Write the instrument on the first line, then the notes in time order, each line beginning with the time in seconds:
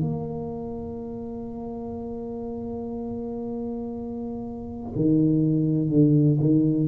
tuba
0.00 A#3
4.95 D#3
5.89 D3
6.39 D#3